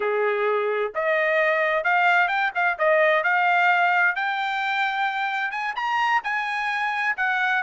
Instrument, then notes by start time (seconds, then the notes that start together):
trumpet
0.00 G#4
0.94 D#5
1.83 F5
2.28 G5
2.54 F5
2.78 D#5
3.23 F5
4.15 G5
5.51 G#5
5.75 A#5
6.23 G#5
7.16 F#5